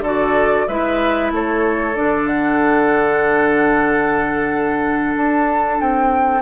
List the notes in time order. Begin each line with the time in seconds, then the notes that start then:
0.00 D3 F#4 A4 D5
0.68 G#3 E4 B4 E5
1.31 A3 A4 C#5
1.94 D3 D4 D5
2.27 F#5
5.16 D4 A5
5.80 C4 G5